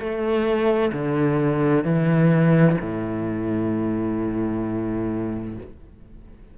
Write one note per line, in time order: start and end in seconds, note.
0.00 0.92 A3
0.93 1.85 D3
1.85 2.77 E3
2.81 5.58 A2